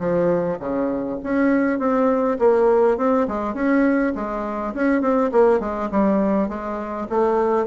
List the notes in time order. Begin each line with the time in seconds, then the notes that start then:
0.00 F3
0.60 C#3
1.24 C#4
1.79 C4
2.40 A#3
2.98 C4
3.28 G#3
3.55 C#4
4.16 G#3
4.75 C#4
5.02 C4
5.32 A#3
5.60 G#3
5.91 G3
6.49 G#3
7.10 A3